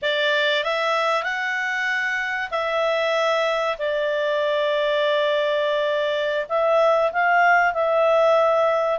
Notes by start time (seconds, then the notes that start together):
0.01 D5
0.63 E5
1.23 F#5
2.51 E5
3.78 D5
6.49 E5
7.12 F5
7.73 E5